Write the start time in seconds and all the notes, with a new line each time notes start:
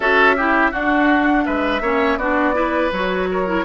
0.00 C#4 F#4 A4 E5
0.36 E4 G4
0.71 D4 F#4 F#5
1.45 G#3 B4 E5
1.80 A#3 C#4 C#5
2.17 B3 D4 F#4 D5
2.53 E4 B4
2.91 F#3 F#4 C#5
3.31 A#4
3.46 E4